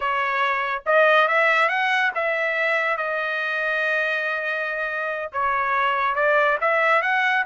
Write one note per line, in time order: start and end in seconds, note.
0.00 0.83 C#5
0.85 1.27 D#5
1.27 1.68 E5
1.68 2.11 F#5
2.15 2.97 E5
2.97 5.31 D#5
5.32 6.15 C#5
6.15 6.57 D5
6.60 7.02 E5
7.02 7.44 F#5